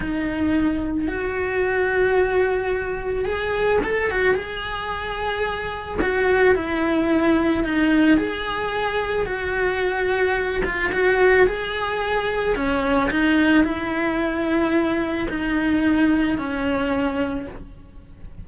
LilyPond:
\new Staff \with { instrumentName = "cello" } { \time 4/4 \tempo 4 = 110 dis'2 fis'2~ | fis'2 gis'4 a'8 fis'8 | gis'2. fis'4 | e'2 dis'4 gis'4~ |
gis'4 fis'2~ fis'8 f'8 | fis'4 gis'2 cis'4 | dis'4 e'2. | dis'2 cis'2 | }